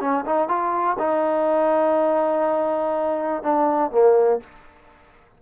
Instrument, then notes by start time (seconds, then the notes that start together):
trombone
0.00 C#4
0.25 D#4
0.48 F4
0.98 D#4
3.42 D4
3.91 A#3